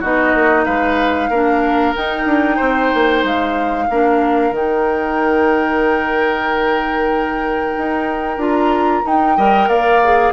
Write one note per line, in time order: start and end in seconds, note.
0.00 0.34 B3
0.00 1.32 D#4
0.00 0.65 F#4
0.00 0.65 D#5
0.34 0.66 A#3
0.65 1.29 G#3
0.65 1.29 B4
0.65 1.94 F5
1.29 1.94 A#3
1.29 1.95 D4
1.29 2.56 A#4
1.95 3.89 D#4
1.95 2.25 D#4
1.95 3.24 G5
2.25 2.58 D4
2.56 2.92 C4
2.56 3.85 C5
2.94 3.24 A#3
3.24 3.88 G#3
3.24 4.55 F5
3.90 4.51 A#3
3.90 4.53 D4
3.90 9.37 A#4
4.51 7.74 D#3
4.51 8.39 D#4
4.51 8.43 G5
7.77 8.37 D#4
8.37 9.02 D4
8.37 9.04 F4
8.43 9.07 A#5
9.05 9.37 D#4
9.05 9.68 G5
9.37 9.68 G3
9.37 10.02 A#4
9.37 9.69 D#5
9.68 10.32 A#3
9.68 10.33 D5
9.68 10.33 F5
10.03 10.33 G#4